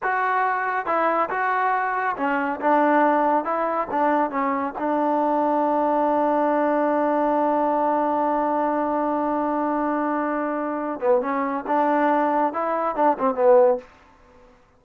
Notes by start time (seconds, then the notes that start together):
0.02 F#4
0.86 E4
1.29 F#4
2.16 C#4
2.60 D4
3.44 E4
3.91 D4
4.30 C#4
4.78 D4
11.00 B3
11.21 C#4
11.67 D4
12.53 E4
12.95 D4
13.18 C4
13.34 B3